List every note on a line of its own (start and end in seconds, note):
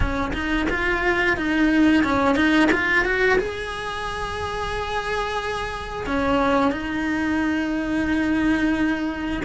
0.00 0.32 C#4
0.33 0.66 D#4
0.69 1.37 F4
1.37 2.03 D#4
2.03 2.35 C#4
2.35 2.69 D#4
2.72 3.04 F4
3.04 3.38 F#4
3.38 6.06 G#4
6.06 6.71 C#4
6.71 9.41 D#4